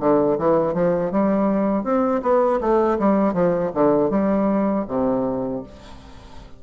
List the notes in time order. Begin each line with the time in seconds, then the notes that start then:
0.00 D3
0.38 E3
0.74 F3
1.11 G3
1.84 C4
2.22 B3
2.60 A3
2.99 G3
3.33 F3
3.74 D3
4.10 G3
4.88 C3